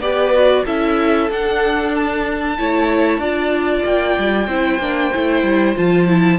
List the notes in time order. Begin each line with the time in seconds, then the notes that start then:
0.00 B3 G4 B4 D5
0.34 F#4
0.66 C#4 E4 A4 E5
1.31 D4 F#5
1.96 A5
2.59 A3 E4 C#5
3.19 D4 F4 D5
3.86 A#3 G5
4.18 G3
4.47 C4 E4 C5
4.79 A#3 D4
5.14 A3 E4
5.43 G3
5.76 F3 F4 A5
6.08 E4